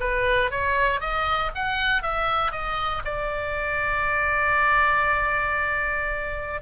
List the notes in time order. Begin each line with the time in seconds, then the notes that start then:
0.00 B4
0.51 C#5
1.00 D#5
1.55 F#5
2.02 E5
2.52 D#5
3.05 D5